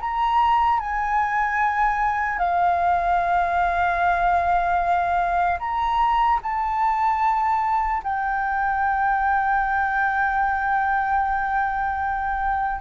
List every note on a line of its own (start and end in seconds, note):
0.00 0.80 A#5
0.80 2.39 G#5
2.39 5.59 F5
5.59 6.39 A#5
6.43 8.03 A5
8.04 12.81 G5